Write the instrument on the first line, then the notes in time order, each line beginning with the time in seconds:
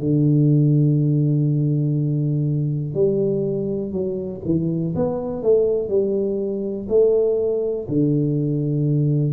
tuba
0.00 D3
2.94 G3
3.92 F#3
4.45 E3
4.95 B3
5.42 A3
5.89 G3
6.89 A3
7.88 D3